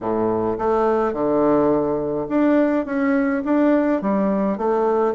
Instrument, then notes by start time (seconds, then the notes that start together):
bassoon
0.01 A2
0.58 A3
1.13 D3
2.28 D4
2.85 C#4
3.44 D4
4.01 G3
4.57 A3